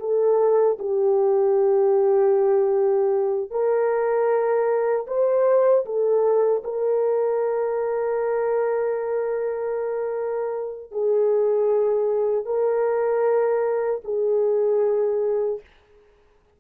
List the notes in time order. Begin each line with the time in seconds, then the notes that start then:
0.00 A4
0.79 G4
3.50 A#4
5.07 C5
5.85 A4
6.63 A#4
10.91 G#4
12.45 A#4
14.04 G#4